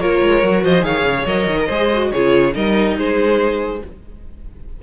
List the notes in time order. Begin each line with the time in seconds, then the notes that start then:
0.00 A#3 F4 A#4 C#5
0.22 G#3
0.42 F#3 F#4
0.64 F3 C5 D#5
0.81 D#3 G#4 C#5 F5
1.04 C#3
1.26 F#3 A#4 D#5
1.47 D#3
1.60 A#4
1.67 G#3 G#4 C5
1.93 F#4
2.12 C#3 F4 G#4 C#5
2.53 G3 D#4 A#4 D#5
2.97 G#3 G#4 C5